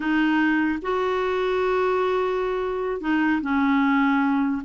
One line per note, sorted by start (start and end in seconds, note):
0.00 0.79 D#4
0.82 3.00 F#4
3.00 3.41 D#4
3.41 4.62 C#4